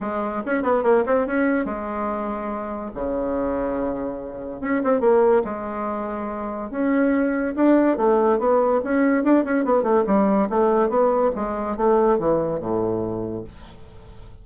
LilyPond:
\new Staff \with { instrumentName = "bassoon" } { \time 4/4 \tempo 4 = 143 gis4 cis'8 b8 ais8 c'8 cis'4 | gis2. cis4~ | cis2. cis'8 c'8 | ais4 gis2. |
cis'2 d'4 a4 | b4 cis'4 d'8 cis'8 b8 a8 | g4 a4 b4 gis4 | a4 e4 a,2 | }